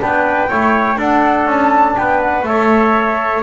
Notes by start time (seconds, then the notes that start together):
0.00 B3 D4 B4 G5
0.49 A3 E4 C#5
0.97 D4 A4 F#5
1.46 C#4 A5
1.97 B3 B4 G5
2.22 F#5
2.43 A3 A4 C#5 E5